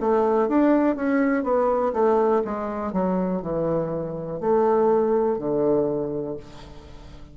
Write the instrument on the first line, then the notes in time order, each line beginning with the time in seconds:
bassoon
0.00 A3
0.48 D4
0.96 C#4
1.43 B3
1.93 A3
2.44 G#3
2.92 F#3
3.42 E3
4.40 A3
5.38 D3